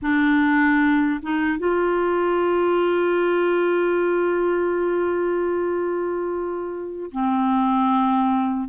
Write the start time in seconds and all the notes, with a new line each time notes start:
0.02 D4
1.22 D#4
1.58 F4
7.11 C4